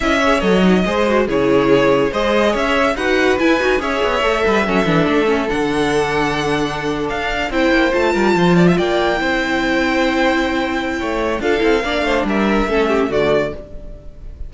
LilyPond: <<
  \new Staff \with { instrumentName = "violin" } { \time 4/4 \tempo 4 = 142 e''4 dis''2 cis''4~ | cis''4 dis''4 e''4 fis''4 | gis''4 e''2.~ | e''4 fis''2.~ |
fis''8. f''4 g''4 a''4~ a''16~ | a''8. g''2.~ g''16~ | g''2. f''4~ | f''4 e''2 d''4 | }
  \new Staff \with { instrumentName = "violin" } { \time 4/4 dis''8 cis''4. c''4 gis'4~ | gis'4 c''4 cis''4 b'4~ | b'4 cis''4. b'8 a'4~ | a'1~ |
a'4.~ a'16 c''4. ais'8 c''16~ | c''16 d''16 e''16 d''4 c''2~ c''16~ | c''2 cis''4 a'4 | d''8 c''8 ais'4 a'8 g'8 fis'4 | }
  \new Staff \with { instrumentName = "viola" } { \time 4/4 e'8 gis'8 a'8 dis'8 gis'8 fis'8 e'4~ | e'4 gis'2 fis'4 | e'8 fis'8 gis'4 a'4 cis'8 d'8~ | d'8 cis'8 d'2.~ |
d'4.~ d'16 e'4 f'4~ f'16~ | f'4.~ f'16 e'2~ e'16~ | e'2. f'8 e'8 | d'2 cis'4 a4 | }
  \new Staff \with { instrumentName = "cello" } { \time 4/4 cis'4 fis4 gis4 cis4~ | cis4 gis4 cis'4 dis'4 | e'8 dis'8 cis'8 b8 a8 g8 fis8 e8 | a4 d2.~ |
d8. d'4 c'8 ais8 a8 g8 f16~ | f8. ais4 c'2~ c'16~ | c'2 a4 d'8 c'8 | ais8 a8 g4 a4 d4 | }
>>